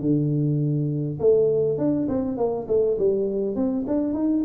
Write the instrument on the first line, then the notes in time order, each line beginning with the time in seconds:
tuba
0.00 D3
1.20 A3
1.78 D4
2.09 C4
2.37 A#3
2.68 A3
2.98 G3
3.56 C4
3.87 D4
4.14 D#4